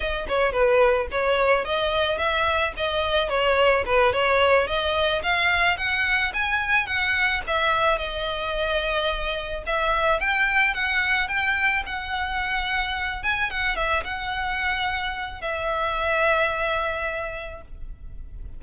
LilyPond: \new Staff \with { instrumentName = "violin" } { \time 4/4 \tempo 4 = 109 dis''8 cis''8 b'4 cis''4 dis''4 | e''4 dis''4 cis''4 b'8 cis''8~ | cis''8 dis''4 f''4 fis''4 gis''8~ | gis''8 fis''4 e''4 dis''4.~ |
dis''4. e''4 g''4 fis''8~ | fis''8 g''4 fis''2~ fis''8 | gis''8 fis''8 e''8 fis''2~ fis''8 | e''1 | }